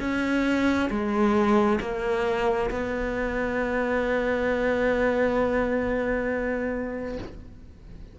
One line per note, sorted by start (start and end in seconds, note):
0.00 0.90 C#4
0.90 1.80 G#3
1.81 2.70 A#3
2.71 7.18 B3